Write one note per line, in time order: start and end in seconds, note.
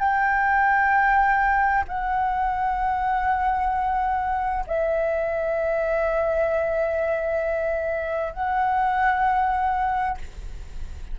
0.00 1.85 G5
1.88 4.65 F#5
4.67 8.34 E5
8.34 10.18 F#5